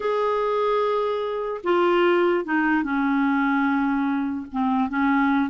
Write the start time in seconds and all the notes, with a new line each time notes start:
0.00 G#4
1.63 F4
2.45 D#4
2.83 C#4
4.52 C4
4.89 C#4